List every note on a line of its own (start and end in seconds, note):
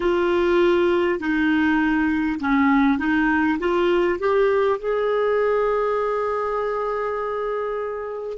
0.00 1.19 F4
1.19 2.39 D#4
2.40 2.98 C#4
2.98 3.58 D#4
3.59 4.19 F4
4.19 4.79 G4
4.79 8.38 G#4